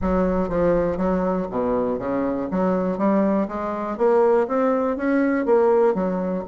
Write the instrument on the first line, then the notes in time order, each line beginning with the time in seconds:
bassoon
0.01 F#3
0.48 F3
0.97 F#3
1.50 B2
1.98 C#3
2.50 F#3
2.98 G3
3.47 G#3
3.97 A#3
4.47 C4
4.96 C#4
5.45 A#3
5.94 F#3